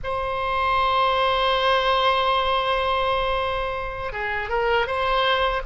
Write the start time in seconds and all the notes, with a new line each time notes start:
0.03 C5
4.12 G#4
4.49 A#4
4.86 C5